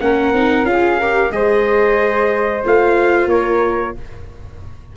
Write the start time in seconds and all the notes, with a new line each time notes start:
0.00 A#3 C#4 A#4 F#5
0.32 C4 D#4
0.63 C#4 F4 F5
0.70 G#4
0.99 G4 A#4
1.30 G#3 G#4 C5 D#5
2.63 A3 F4 F5
3.26 A#3 A#4 C#5